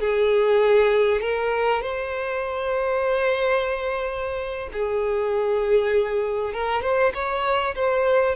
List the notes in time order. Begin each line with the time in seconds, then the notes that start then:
0.00 G#4
1.21 A#4
1.82 C5
4.73 G#4
6.54 A#4
6.82 C5
7.14 C#5
7.75 C5